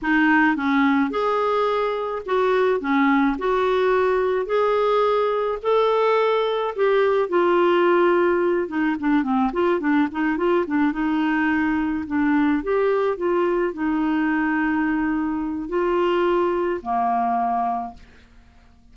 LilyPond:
\new Staff \with { instrumentName = "clarinet" } { \time 4/4 \tempo 4 = 107 dis'4 cis'4 gis'2 | fis'4 cis'4 fis'2 | gis'2 a'2 | g'4 f'2~ f'8 dis'8 |
d'8 c'8 f'8 d'8 dis'8 f'8 d'8 dis'8~ | dis'4. d'4 g'4 f'8~ | f'8 dis'2.~ dis'8 | f'2 ais2 | }